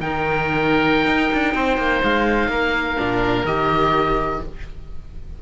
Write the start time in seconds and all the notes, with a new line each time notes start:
0.00 D#3 D#4 A#4 G5
1.05 D#4
1.33 D4
1.54 C4 C5
1.77 A#3
2.03 G#3 F5
2.48 A#3 A#4
2.97 A#2 D4
3.44 D#3 G4 D#5